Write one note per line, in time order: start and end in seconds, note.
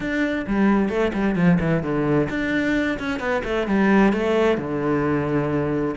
0.00 0.45 D4
0.46 0.89 G3
0.89 1.12 A3
1.13 1.35 G3
1.35 1.58 F3
1.60 1.82 E3
1.82 2.28 D3
2.29 2.98 D4
2.99 3.19 C#4
3.19 3.42 B3
3.44 3.67 A3
3.67 4.12 G3
4.13 4.57 A3
4.57 5.95 D3